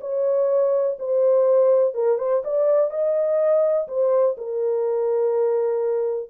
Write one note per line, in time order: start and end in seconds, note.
0.00 0.97 C#5
0.99 1.94 C5
1.94 2.18 A#4
2.18 2.42 C5
2.44 2.90 D5
2.90 3.87 D#5
3.87 4.36 C5
4.37 6.29 A#4